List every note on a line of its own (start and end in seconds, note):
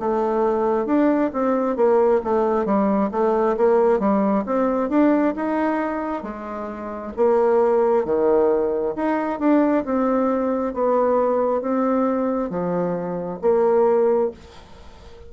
0.00 0.86 A3
0.86 1.31 D4
1.34 1.77 C4
1.77 2.21 A#3
2.24 2.66 A3
2.66 3.11 G3
3.12 3.57 A3
3.58 4.00 A#3
4.00 4.45 G3
4.47 4.90 C4
4.90 5.34 D4
5.36 6.24 D#4
6.24 7.13 G#3
7.17 8.06 A#3
8.06 8.95 D#3
8.96 9.40 D#4
9.40 9.85 D4
9.85 10.74 C4
10.74 11.62 B3
11.62 12.50 C4
12.50 13.40 F3
13.42 14.32 A#3